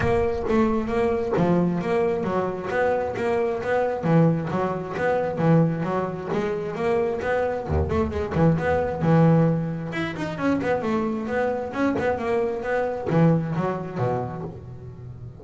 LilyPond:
\new Staff \with { instrumentName = "double bass" } { \time 4/4 \tempo 4 = 133 ais4 a4 ais4 f4 | ais4 fis4 b4 ais4 | b4 e4 fis4 b4 | e4 fis4 gis4 ais4 |
b4 dis,8 a8 gis8 e8 b4 | e2 e'8 dis'8 cis'8 b8 | a4 b4 cis'8 b8 ais4 | b4 e4 fis4 b,4 | }